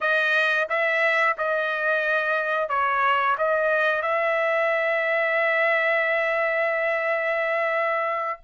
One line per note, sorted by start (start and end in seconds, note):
0.00 0.68 D#5
0.69 1.36 E5
1.37 2.68 D#5
2.68 3.36 C#5
3.38 4.01 D#5
4.01 8.40 E5